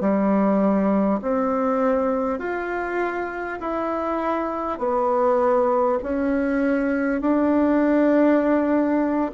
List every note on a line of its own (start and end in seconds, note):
0.00 1.20 G3
1.21 2.39 C4
2.39 3.59 F4
3.60 4.78 E4
4.78 5.98 B3
6.03 7.21 C#4
7.21 9.31 D4